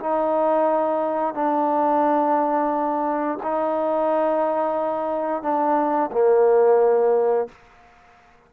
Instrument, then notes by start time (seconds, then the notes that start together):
trombone
0.00 D#4
1.34 D4
3.43 D#4
5.42 D4
6.12 A#3